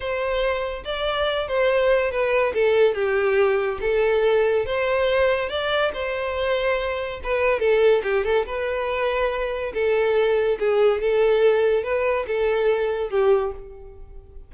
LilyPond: \new Staff \with { instrumentName = "violin" } { \time 4/4 \tempo 4 = 142 c''2 d''4. c''8~ | c''4 b'4 a'4 g'4~ | g'4 a'2 c''4~ | c''4 d''4 c''2~ |
c''4 b'4 a'4 g'8 a'8 | b'2. a'4~ | a'4 gis'4 a'2 | b'4 a'2 g'4 | }